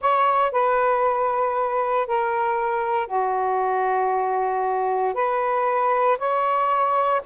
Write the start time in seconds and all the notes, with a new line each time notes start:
0.00 C#5
0.52 B4
2.07 A#4
3.07 F#4
5.13 B4
6.18 C#5